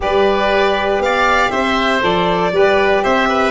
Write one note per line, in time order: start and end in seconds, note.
0.00 0.98 G3
0.00 2.00 G4
0.00 1.02 B4
0.00 1.02 D5
0.98 1.48 B3
0.98 1.50 F5
1.05 1.50 D5
1.50 2.02 C4
1.50 2.51 C5
1.50 2.01 E5
2.00 2.52 F3
2.00 2.51 A4
2.00 3.04 D5
2.52 3.02 G3
2.52 3.51 G4
2.52 3.03 B4
3.03 3.51 C4
3.03 3.28 C5
3.03 3.51 E5
3.29 3.51 B4